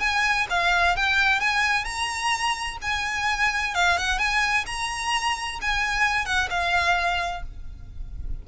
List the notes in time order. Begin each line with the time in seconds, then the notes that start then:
0.00 G#5
0.50 F5
0.96 G5
1.40 G#5
1.85 A#5
2.82 G#5
3.75 F5
3.98 F#5
4.19 G#5
4.66 A#5
5.62 G#5
6.25 F#5
6.50 F5